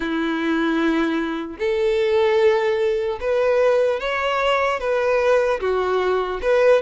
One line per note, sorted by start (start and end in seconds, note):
0.00 1.56 E4
1.59 3.19 A4
3.20 4.00 B4
4.00 4.80 C#5
4.80 5.60 B4
5.60 6.40 F#4
6.42 6.81 B4